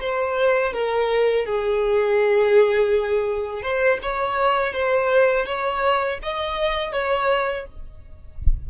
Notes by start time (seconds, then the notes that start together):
0.00 C5
0.73 A#4
1.45 G#4
3.62 C5
4.02 C#5
4.73 C5
5.46 C#5
6.22 D#5
6.92 C#5